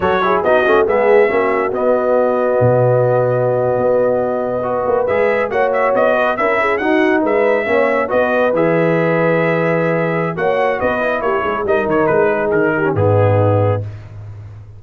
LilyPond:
<<
  \new Staff \with { instrumentName = "trumpet" } { \time 4/4 \tempo 4 = 139 cis''4 dis''4 e''2 | dis''1~ | dis''2.~ dis''8. e''16~ | e''8. fis''8 e''8 dis''4 e''4 fis''16~ |
fis''8. e''2 dis''4 e''16~ | e''1 | fis''4 dis''4 cis''4 dis''8 cis''8 | b'4 ais'4 gis'2 | }
  \new Staff \with { instrumentName = "horn" } { \time 4/4 a'8 gis'8 fis'4 gis'4 fis'4~ | fis'1~ | fis'2~ fis'8. b'4~ b'16~ | b'8. cis''4. b'8 ais'8 gis'8 fis'16~ |
fis'8. b'4 cis''4 b'4~ b'16~ | b'1 | cis''4 b'4 g'8 gis'8 ais'4~ | ais'8 gis'4 g'8 dis'2 | }
  \new Staff \with { instrumentName = "trombone" } { \time 4/4 fis'8 e'8 dis'8 cis'8 b4 cis'4 | b1~ | b2~ b8. fis'4 gis'16~ | gis'8. fis'2 e'4 dis'16~ |
dis'4.~ dis'16 cis'4 fis'4 gis'16~ | gis'1 | fis'4. e'4. dis'4~ | dis'4.~ dis'16 cis'16 b2 | }
  \new Staff \with { instrumentName = "tuba" } { \time 4/4 fis4 b8 a8 gis4 ais4 | b2 b,2~ | b,8. b2~ b8 ais8 gis16~ | gis8. ais4 b4 cis'4 dis'16~ |
dis'8. gis4 ais4 b4 e16~ | e1 | ais4 b4 ais8 gis8 g8 dis8 | gis4 dis4 gis,2 | }
>>